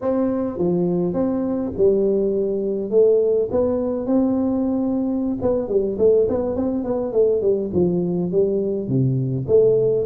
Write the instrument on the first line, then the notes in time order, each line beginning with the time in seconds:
tuba
0.01 C4
0.58 F3
1.13 C4
1.76 G3
2.90 A3
3.51 B3
4.06 C4
5.41 B3
5.68 G3
5.98 A3
6.28 B3
6.56 C4
6.84 B3
7.12 A3
7.41 G3
7.73 F3
8.31 G3
8.88 C3
9.47 A3